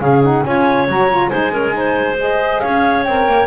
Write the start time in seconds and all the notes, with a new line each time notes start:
0.00 C#3 C#4 G#4 F5
0.23 D#4 F#5
0.43 C#4 F4 C#5 G#5
0.88 F#3 F#4 A#5
1.10 F4
1.29 G#3 D#4 C5 G#5
1.51 C#4 A#4
1.72 D#4 C5
2.18 G#4 D#5
2.60 C#4 C#5 F5
3.04 C4 A#4 G5
3.27 A#3